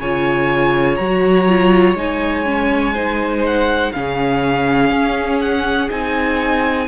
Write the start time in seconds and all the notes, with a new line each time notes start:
0.00 C#3 F4 C#5 G#5
0.96 F#3 F#4 A#5
1.49 F4
1.94 G#3 D#4 G#5
2.45 C#4
2.94 D#4 C5
3.47 F#5
3.92 C#3 C#4 G#4 F5
4.92 C#4
5.41 F#5
5.90 C4 D#4 G#5